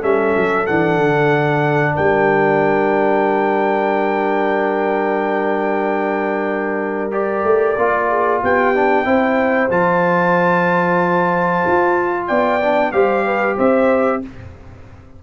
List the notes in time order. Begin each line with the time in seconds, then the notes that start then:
0.00 G3 C#4 A4 E5
0.36 F#3
0.66 E3 D4 F#5
0.97 D3
1.94 G3 A#4 G5
7.11 G4 D5
7.43 A3
7.76 A#3 F4
8.08 G#4
8.42 B3 G4 G5
8.74 D4
9.04 C4 E4 C5
9.70 F3 F4 A5
11.67 F4
12.27 B3 D5 G5
12.62 D4
12.92 G3 G4 C5 F5
13.25 B4
13.56 C4 C5 E5